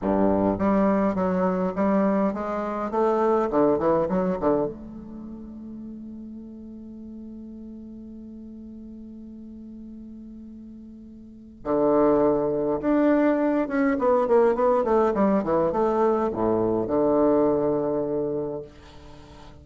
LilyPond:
\new Staff \with { instrumentName = "bassoon" } { \time 4/4 \tempo 4 = 103 g,4 g4 fis4 g4 | gis4 a4 d8 e8 fis8 d8 | a1~ | a1~ |
a1 | d2 d'4. cis'8 | b8 ais8 b8 a8 g8 e8 a4 | a,4 d2. | }